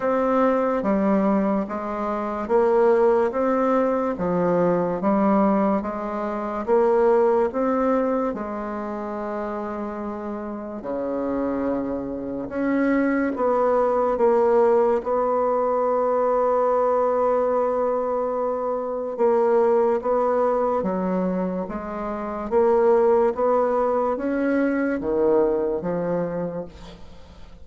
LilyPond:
\new Staff \with { instrumentName = "bassoon" } { \time 4/4 \tempo 4 = 72 c'4 g4 gis4 ais4 | c'4 f4 g4 gis4 | ais4 c'4 gis2~ | gis4 cis2 cis'4 |
b4 ais4 b2~ | b2. ais4 | b4 fis4 gis4 ais4 | b4 cis'4 dis4 f4 | }